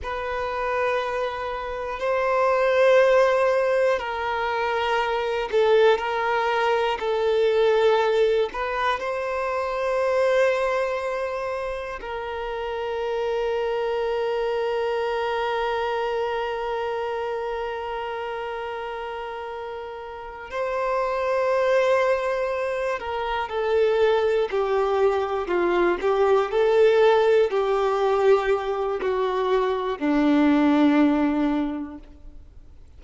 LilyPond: \new Staff \with { instrumentName = "violin" } { \time 4/4 \tempo 4 = 60 b'2 c''2 | ais'4. a'8 ais'4 a'4~ | a'8 b'8 c''2. | ais'1~ |
ais'1~ | ais'8 c''2~ c''8 ais'8 a'8~ | a'8 g'4 f'8 g'8 a'4 g'8~ | g'4 fis'4 d'2 | }